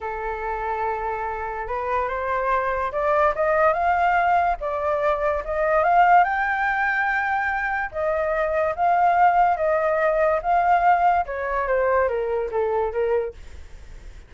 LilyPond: \new Staff \with { instrumentName = "flute" } { \time 4/4 \tempo 4 = 144 a'1 | b'4 c''2 d''4 | dis''4 f''2 d''4~ | d''4 dis''4 f''4 g''4~ |
g''2. dis''4~ | dis''4 f''2 dis''4~ | dis''4 f''2 cis''4 | c''4 ais'4 a'4 ais'4 | }